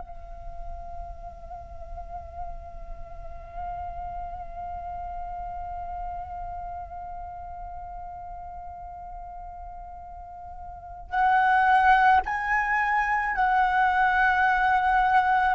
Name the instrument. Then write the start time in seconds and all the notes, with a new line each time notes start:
flute
0.00 F5
11.10 F#5
12.26 G#5
13.35 F#5